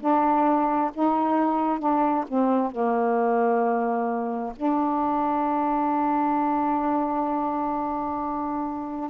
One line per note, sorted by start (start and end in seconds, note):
0.00 0.91 D4
0.93 1.79 D#4
1.79 2.24 D4
2.28 2.71 C4
2.71 4.53 A#3
4.56 9.10 D4